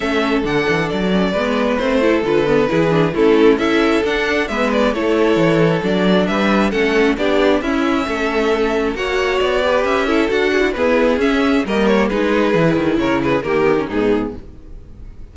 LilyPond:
<<
  \new Staff \with { instrumentName = "violin" } { \time 4/4 \tempo 4 = 134 e''4 fis''4 d''2 | c''4 b'2 a'4 | e''4 fis''4 e''8 d''8 cis''4~ | cis''4 d''4 e''4 fis''4 |
d''4 e''2. | fis''4 d''4 e''4 fis''4 | b'4 e''4 dis''8 cis''8 b'4~ | b'4 cis''8 b'8 ais'4 gis'4 | }
  \new Staff \with { instrumentName = "violin" } { \time 4/4 a'2. b'4~ | b'8 a'4. gis'4 e'4 | a'2 b'4 a'4~ | a'2 b'4 a'4 |
g'4 e'4 a'2 | cis''4. b'4 a'4 gis'16 e'16 | gis'2 ais'4 gis'4~ | gis'4 ais'8 gis'8 g'4 dis'4 | }
  \new Staff \with { instrumentName = "viola" } { \time 4/4 cis'4 d'4. cis'8 b4 | c'8 e'8 f'8 b8 e'8 d'8 cis'4 | e'4 d'4 b4 e'4~ | e'4 d'2 cis'4 |
d'4 cis'2. | fis'4. g'4 e'8 fis'4 | b4 cis'4 ais4 dis'4 | e'2 ais8 b16 cis'16 b4 | }
  \new Staff \with { instrumentName = "cello" } { \time 4/4 a4 d8 e8 fis4 gis4 | a4 d4 e4 a4 | cis'4 d'4 gis4 a4 | e4 fis4 g4 a4 |
b4 cis'4 a2 | ais4 b4 cis'4 d'4 | e'4 cis'4 g4 gis4 | e8 dis8 cis4 dis4 gis,4 | }
>>